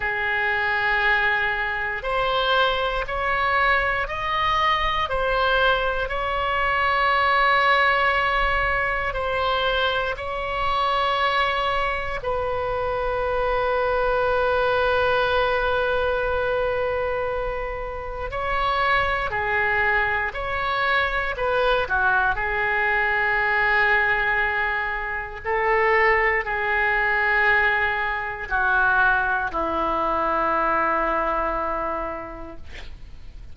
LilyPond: \new Staff \with { instrumentName = "oboe" } { \time 4/4 \tempo 4 = 59 gis'2 c''4 cis''4 | dis''4 c''4 cis''2~ | cis''4 c''4 cis''2 | b'1~ |
b'2 cis''4 gis'4 | cis''4 b'8 fis'8 gis'2~ | gis'4 a'4 gis'2 | fis'4 e'2. | }